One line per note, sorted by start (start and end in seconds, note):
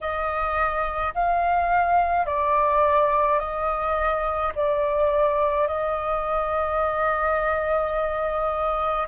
0.00 1.13 D#5
1.14 2.25 F5
2.25 3.39 D5
3.39 4.52 D#5
4.55 5.67 D5
5.67 9.07 D#5